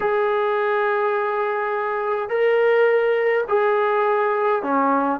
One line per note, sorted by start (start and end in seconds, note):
0.00 2.29 G#4
2.29 3.44 A#4
3.48 4.62 G#4
4.62 5.19 C#4